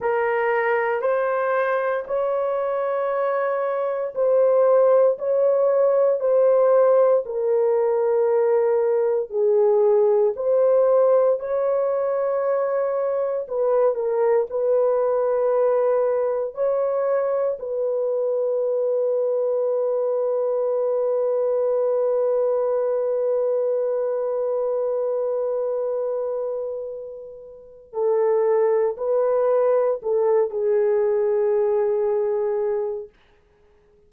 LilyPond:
\new Staff \with { instrumentName = "horn" } { \time 4/4 \tempo 4 = 58 ais'4 c''4 cis''2 | c''4 cis''4 c''4 ais'4~ | ais'4 gis'4 c''4 cis''4~ | cis''4 b'8 ais'8 b'2 |
cis''4 b'2.~ | b'1~ | b'2. a'4 | b'4 a'8 gis'2~ gis'8 | }